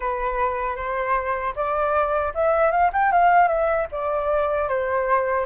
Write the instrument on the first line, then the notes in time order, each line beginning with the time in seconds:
flute
0.00 B4
0.76 C5
1.55 D5
2.34 E5
2.71 F5
2.93 G5
3.12 F5
3.47 E5
3.91 D5
4.68 C5